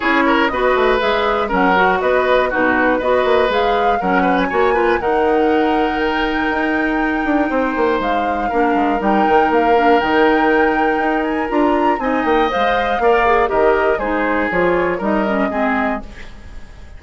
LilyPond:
<<
  \new Staff \with { instrumentName = "flute" } { \time 4/4 \tempo 4 = 120 cis''4 dis''4 e''4 fis''4 | dis''4 b'4 dis''4 f''4 | fis''8. gis''4~ gis''16 fis''2 | g''1 |
f''2 g''4 f''4 | g''2~ g''8 gis''8 ais''4 | gis''8 g''8 f''2 dis''4 | c''4 cis''4 dis''2 | }
  \new Staff \with { instrumentName = "oboe" } { \time 4/4 gis'8 ais'8 b'2 ais'4 | b'4 fis'4 b'2 | ais'8 b'8 cis''8 b'8 ais'2~ | ais'2. c''4~ |
c''4 ais'2.~ | ais'1 | dis''2 d''4 ais'4 | gis'2 ais'4 gis'4 | }
  \new Staff \with { instrumentName = "clarinet" } { \time 4/4 e'4 fis'4 gis'4 cis'8 fis'8~ | fis'4 dis'4 fis'4 gis'4 | cis'4 fis'8 f'8 dis'2~ | dis'1~ |
dis'4 d'4 dis'4. d'8 | dis'2. f'4 | dis'4 c''4 ais'8 gis'8 g'4 | dis'4 f'4 dis'8 cis'8 c'4 | }
  \new Staff \with { instrumentName = "bassoon" } { \time 4/4 cis'4 b8 a8 gis4 fis4 | b4 b,4 b8 ais8 gis4 | fis4 ais4 dis2~ | dis4 dis'4. d'8 c'8 ais8 |
gis4 ais8 gis8 g8 dis8 ais4 | dis2 dis'4 d'4 | c'8 ais8 gis4 ais4 dis4 | gis4 f4 g4 gis4 | }
>>